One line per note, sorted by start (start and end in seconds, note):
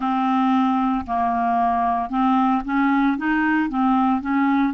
0.00 1.05 C4
1.06 2.09 A#3
2.09 2.62 C4
2.65 3.17 C#4
3.17 3.68 D#4
3.68 4.21 C4
4.21 4.73 C#4